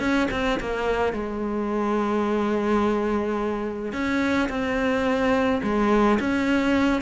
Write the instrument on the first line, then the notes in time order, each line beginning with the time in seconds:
cello
0.00 C#4
0.31 C4
0.60 A#3
1.13 G#3
3.93 C#4
4.49 C4
5.63 G#3
6.20 C#4